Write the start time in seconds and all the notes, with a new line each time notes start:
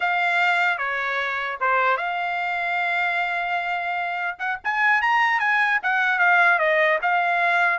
0.00 F5
0.77 C#5
1.60 C5
1.97 F5
4.38 F#5
4.63 G#5
5.01 A#5
5.39 G#5
5.83 F#5
6.19 F5
6.58 D#5
7.02 F5